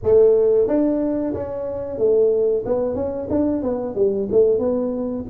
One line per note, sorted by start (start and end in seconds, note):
0.03 0.67 A3
0.67 1.33 D4
1.34 1.98 C#4
1.98 2.64 A3
2.65 2.95 B3
2.95 3.28 C#4
3.30 3.62 D4
3.62 3.95 B3
3.95 4.28 G3
4.31 4.59 A3
4.59 5.24 B3